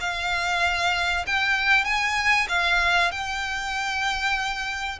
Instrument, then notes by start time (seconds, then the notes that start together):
violin
0.00 F5
1.26 G5
1.84 G#5
2.49 F5
3.11 G5